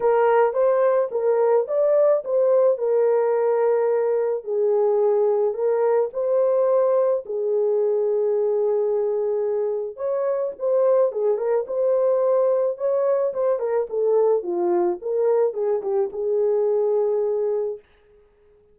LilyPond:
\new Staff \with { instrumentName = "horn" } { \time 4/4 \tempo 4 = 108 ais'4 c''4 ais'4 d''4 | c''4 ais'2. | gis'2 ais'4 c''4~ | c''4 gis'2.~ |
gis'2 cis''4 c''4 | gis'8 ais'8 c''2 cis''4 | c''8 ais'8 a'4 f'4 ais'4 | gis'8 g'8 gis'2. | }